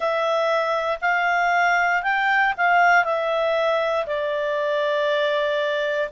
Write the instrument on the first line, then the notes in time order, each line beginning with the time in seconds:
clarinet
0.00 E5
1.01 F5
2.02 G5
2.57 F5
3.04 E5
4.06 D5